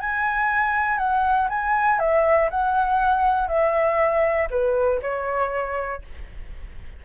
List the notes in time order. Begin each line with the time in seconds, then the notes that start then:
0.00 G#5
0.98 F#5
1.49 G#5
1.99 E5
2.50 F#5
3.48 E5
4.50 B4
5.02 C#5